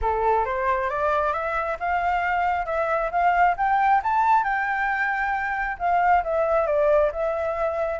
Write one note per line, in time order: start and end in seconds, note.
0.01 0.45 A4
0.45 0.89 C5
0.89 1.32 D5
1.32 1.77 E5
1.79 2.65 F5
2.65 3.10 E5
3.11 3.55 F5
3.57 4.01 G5
4.03 4.43 A5
4.43 5.77 G5
5.78 6.23 F5
6.23 6.66 E5
6.66 7.10 D5
7.12 7.99 E5